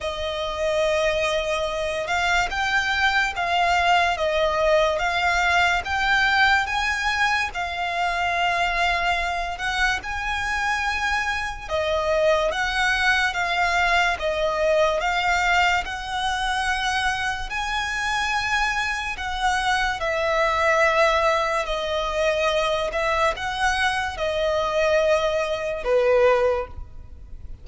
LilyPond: \new Staff \with { instrumentName = "violin" } { \time 4/4 \tempo 4 = 72 dis''2~ dis''8 f''8 g''4 | f''4 dis''4 f''4 g''4 | gis''4 f''2~ f''8 fis''8 | gis''2 dis''4 fis''4 |
f''4 dis''4 f''4 fis''4~ | fis''4 gis''2 fis''4 | e''2 dis''4. e''8 | fis''4 dis''2 b'4 | }